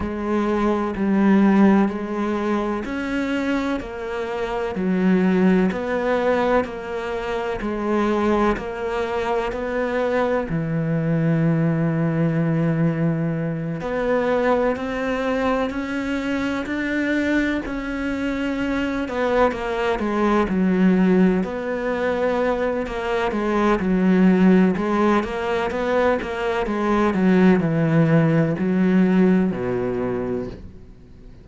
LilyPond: \new Staff \with { instrumentName = "cello" } { \time 4/4 \tempo 4 = 63 gis4 g4 gis4 cis'4 | ais4 fis4 b4 ais4 | gis4 ais4 b4 e4~ | e2~ e8 b4 c'8~ |
c'8 cis'4 d'4 cis'4. | b8 ais8 gis8 fis4 b4. | ais8 gis8 fis4 gis8 ais8 b8 ais8 | gis8 fis8 e4 fis4 b,4 | }